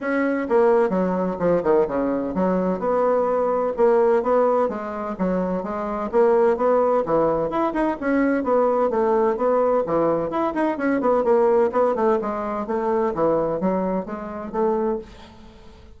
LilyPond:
\new Staff \with { instrumentName = "bassoon" } { \time 4/4 \tempo 4 = 128 cis'4 ais4 fis4 f8 dis8 | cis4 fis4 b2 | ais4 b4 gis4 fis4 | gis4 ais4 b4 e4 |
e'8 dis'8 cis'4 b4 a4 | b4 e4 e'8 dis'8 cis'8 b8 | ais4 b8 a8 gis4 a4 | e4 fis4 gis4 a4 | }